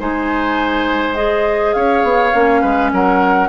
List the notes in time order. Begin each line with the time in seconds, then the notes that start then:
0.00 G#3 D#4 C5 G#5
1.15 G#4 D#5
1.74 C#4 C#5 F5
2.03 B3
2.33 A#3 C#4
2.62 G#3 B4
2.93 F#3 A#4 F#5